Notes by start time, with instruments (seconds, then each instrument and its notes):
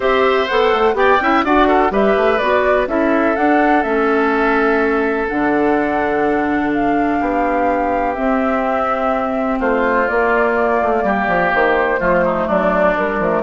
0.00 bassoon C4, clarinet G4, oboe C5, flute E5
0.47 bassoon B3, clarinet A4, flute F#5
0.72 bassoon A3
0.94 bassoon B3, clarinet G4, oboe D5, flute G5
1.20 bassoon C#4, clarinet E4, oboe E5
1.44 bassoon D4, clarinet F#4, oboe D5, flute F#5
1.67 oboe A4
1.89 bassoon G3, clarinet G4, oboe B4, flute E5
2.16 bassoon A3
2.38 bassoon B3, clarinet F#4, flute D5
2.87 bassoon C#4, clarinet E4, oboe A4, flute E5
3.36 clarinet D4, bassoon D4, flute F#5
3.82 bassoon A3, clarinet C#4, flute E5
5.28 bassoon D3, clarinet D4, flute F#5
6.73 flute F5
7.19 bassoon B3, oboe G4
8.14 clarinet C4, bassoon C4, flute E5
9.58 bassoon A3, oboe F4, flute C5
10.07 clarinet A#3, bassoon A#3, flute D5
10.81 bassoon A3
11.03 bassoon G3, oboe G4
11.27 bassoon F3
11.54 bassoon D#3, flute C5
11.98 bassoon F3, clarinet A3, oboe F4
12.25 oboe D#4
12.46 bassoon F#3, oboe D4, flute D5
12.97 clarinet G3, bassoon G3, flute A#4
13.19 bassoon F3, clarinet A3